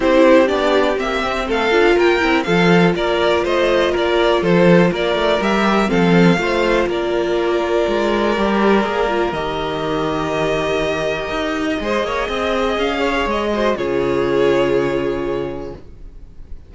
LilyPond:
<<
  \new Staff \with { instrumentName = "violin" } { \time 4/4 \tempo 4 = 122 c''4 d''4 e''4 f''4 | g''4 f''4 d''4 dis''4 | d''4 c''4 d''4 e''4 | f''2 d''2~ |
d''2. dis''4~ | dis''1~ | dis''2 f''4 dis''4 | cis''1 | }
  \new Staff \with { instrumentName = "violin" } { \time 4/4 g'2. a'4 | ais'4 a'4 ais'4 c''4 | ais'4 a'4 ais'2 | a'4 c''4 ais'2~ |
ais'1~ | ais'1 | c''8 cis''8 dis''4. cis''4 c''8 | gis'1 | }
  \new Staff \with { instrumentName = "viola" } { \time 4/4 e'4 d'4 c'4. f'8~ | f'8 e'8 f'2.~ | f'2. g'4 | c'4 f'2.~ |
f'4 g'4 gis'8 f'8 g'4~ | g'1 | gis'2.~ gis'8 fis'8 | f'1 | }
  \new Staff \with { instrumentName = "cello" } { \time 4/4 c'4 b4 ais8 c'8 a8 d'8 | ais8 c'8 f4 ais4 a4 | ais4 f4 ais8 a8 g4 | f4 a4 ais2 |
gis4 g4 ais4 dis4~ | dis2. dis'4 | gis8 ais8 c'4 cis'4 gis4 | cis1 | }
>>